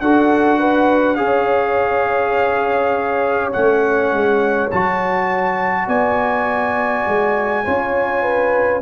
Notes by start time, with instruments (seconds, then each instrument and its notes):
0.00 tuba D4, trombone F#4, horn A4, trumpet F#5
0.59 horn B4
1.15 tuba C#4, trombone G#4, horn C#5, trumpet F5
3.52 tuba A3, trombone C#4, trumpet F#5
4.12 tuba G#3
4.70 tuba F#3, trombone F#4, trumpet A5
5.87 tuba B3, horn D5, trumpet G#5
7.07 tuba G#3
7.64 tuba C#4, trombone F4, horn C#5
8.22 horn B4